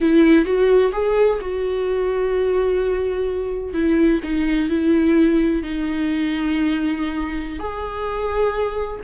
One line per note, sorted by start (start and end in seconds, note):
0.00 0.45 E4
0.45 0.92 F#4
0.92 1.39 G#4
1.40 3.73 F#4
3.73 4.20 E4
4.23 4.69 D#4
4.69 5.62 E4
5.62 7.59 D#4
7.59 8.99 G#4